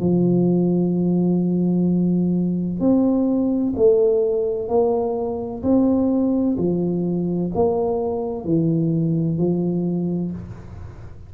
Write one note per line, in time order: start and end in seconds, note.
0.00 2.80 F3
2.80 3.73 C4
3.76 4.68 A3
4.68 5.62 A#3
5.62 6.56 C4
6.58 7.51 F3
7.54 8.45 A#3
8.45 9.37 E3
9.37 10.31 F3